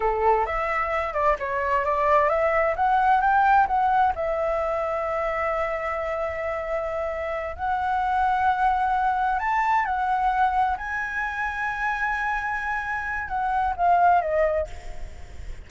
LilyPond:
\new Staff \with { instrumentName = "flute" } { \time 4/4 \tempo 4 = 131 a'4 e''4. d''8 cis''4 | d''4 e''4 fis''4 g''4 | fis''4 e''2.~ | e''1~ |
e''8 fis''2.~ fis''8~ | fis''8 a''4 fis''2 gis''8~ | gis''1~ | gis''4 fis''4 f''4 dis''4 | }